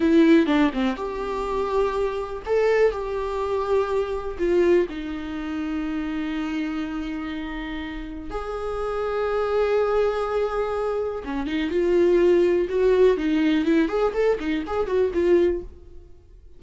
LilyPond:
\new Staff \with { instrumentName = "viola" } { \time 4/4 \tempo 4 = 123 e'4 d'8 c'8 g'2~ | g'4 a'4 g'2~ | g'4 f'4 dis'2~ | dis'1~ |
dis'4 gis'2.~ | gis'2. cis'8 dis'8 | f'2 fis'4 dis'4 | e'8 gis'8 a'8 dis'8 gis'8 fis'8 f'4 | }